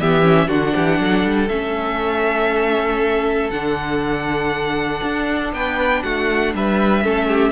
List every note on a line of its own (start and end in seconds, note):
0.00 0.49 E3
0.00 0.23 B3
0.00 0.48 G4
0.00 0.51 E5
0.23 0.47 C#4
0.47 0.74 D3
0.47 1.48 D4
0.47 0.74 F#4
0.47 1.49 F#5
0.75 1.00 E3
0.75 1.00 G4
1.00 1.25 F#3
1.00 5.54 A4
1.25 1.50 G3
1.49 3.50 A3
1.49 3.52 C#4
1.49 3.50 E5
3.50 5.02 D3
3.50 7.04 D4
3.50 5.52 F#5
5.03 5.53 D4
5.53 6.03 B3
5.53 6.04 B4
5.53 6.03 G5
6.03 6.55 A3
6.03 6.54 F#4
6.03 6.53 F#5
6.55 7.05 G3
6.55 7.04 B4
6.55 7.53 E5
7.04 7.53 A3
7.04 7.53 C#4
7.04 7.28 A4
7.28 7.53 G4